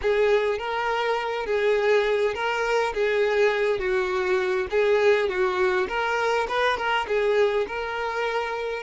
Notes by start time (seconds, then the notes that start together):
0.01 G#4
0.58 A#4
1.46 G#4
2.34 A#4
2.94 G#4
3.79 F#4
4.70 G#4
5.29 F#4
5.88 A#4
6.48 B4
6.77 A#4
7.07 G#4
7.67 A#4